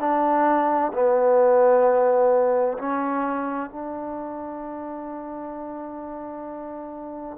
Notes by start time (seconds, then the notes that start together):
0.00 D4
0.93 B3
2.78 C#4
3.70 D4